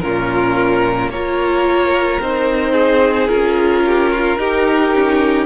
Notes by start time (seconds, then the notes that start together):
0.00 A#2 C#4 F4 A#4
1.08 A#3 A#4 C#5
1.15 F4
2.20 C4 D#4 C5
2.72 G#4
3.27 C#4 F4 A#4
3.86 G4
4.11 F4
4.37 D#4 G4
4.94 C#4